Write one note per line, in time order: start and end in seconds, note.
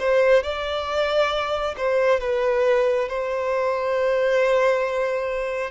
0.00 0.43 C5
0.43 1.76 D5
1.77 2.21 C5
2.21 3.09 B4
3.09 5.71 C5